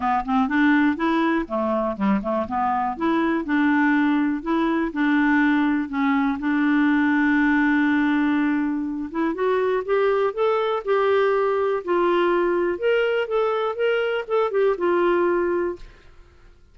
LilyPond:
\new Staff \with { instrumentName = "clarinet" } { \time 4/4 \tempo 4 = 122 b8 c'8 d'4 e'4 a4 | g8 a8 b4 e'4 d'4~ | d'4 e'4 d'2 | cis'4 d'2.~ |
d'2~ d'8 e'8 fis'4 | g'4 a'4 g'2 | f'2 ais'4 a'4 | ais'4 a'8 g'8 f'2 | }